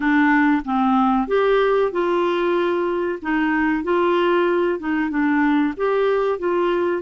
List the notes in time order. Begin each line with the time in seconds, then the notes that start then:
0.00 D4
0.64 C4
1.27 G4
1.91 F4
3.22 D#4
3.83 F4
4.79 D#4
5.09 D4
5.76 G4
6.39 F4